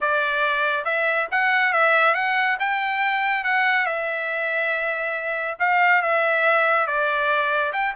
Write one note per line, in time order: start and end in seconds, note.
0.00 0.84 D5
0.84 1.27 E5
1.31 1.72 F#5
1.72 2.14 E5
2.14 2.57 F#5
2.59 3.44 G5
3.44 3.86 F#5
3.86 5.57 E5
5.59 6.02 F5
6.02 6.86 E5
6.86 7.72 D5
7.72 7.94 G5